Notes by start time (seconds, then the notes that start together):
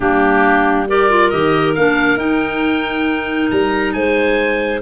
0.00 G3 A#3 D4 G4
0.87 G4 A#4 D5
1.10 F4
1.29 D#3 G4 D#5
1.75 A#3 D4 F5
2.16 D#4 G5
3.50 G3 A#5
3.93 G#3 C5 G#5